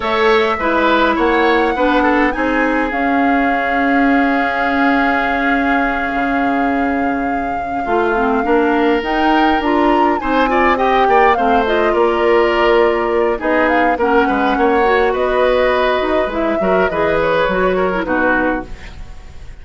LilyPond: <<
  \new Staff \with { instrumentName = "flute" } { \time 4/4 \tempo 4 = 103 e''2 fis''2 | gis''4 f''2.~ | f''1~ | f''2.~ f''8 g''8~ |
g''8 ais''4 gis''4 g''4 f''8 | dis''8 d''2~ d''8 dis''8 f''8 | fis''2 dis''2 | e''4 dis''8 cis''4. b'4 | }
  \new Staff \with { instrumentName = "oboe" } { \time 4/4 cis''4 b'4 cis''4 b'8 a'8 | gis'1~ | gis'1~ | gis'4. f'4 ais'4.~ |
ais'4. c''8 d''8 dis''8 d''8 c''8~ | c''8 ais'2~ ais'8 gis'4 | ais'8 b'8 cis''4 b'2~ | b'8 ais'8 b'4. ais'8 fis'4 | }
  \new Staff \with { instrumentName = "clarinet" } { \time 4/4 a'4 e'2 d'4 | dis'4 cis'2.~ | cis'1~ | cis'4. f'8 c'8 d'4 dis'8~ |
dis'8 f'4 dis'8 f'8 g'4 c'8 | f'2. dis'4 | cis'4. fis'2~ fis'8 | e'8 fis'8 gis'4 fis'8. e'16 dis'4 | }
  \new Staff \with { instrumentName = "bassoon" } { \time 4/4 a4 gis4 ais4 b4 | c'4 cis'2.~ | cis'2~ cis'8 cis4.~ | cis4. a4 ais4 dis'8~ |
dis'8 d'4 c'4. ais8 a8~ | a8 ais2~ ais8 b4 | ais8 gis8 ais4 b4. dis'8 | gis8 fis8 e4 fis4 b,4 | }
>>